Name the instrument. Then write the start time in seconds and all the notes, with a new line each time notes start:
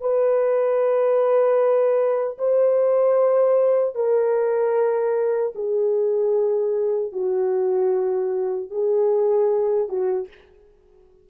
horn
0.00 B4
2.38 C5
3.95 A#4
5.55 G#4
7.12 F#4
8.70 G#4
9.88 F#4